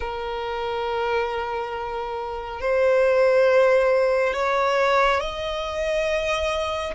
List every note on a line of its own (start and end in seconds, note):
0.00 2.60 A#4
2.60 4.33 C5
4.33 5.20 C#5
5.20 6.94 D#5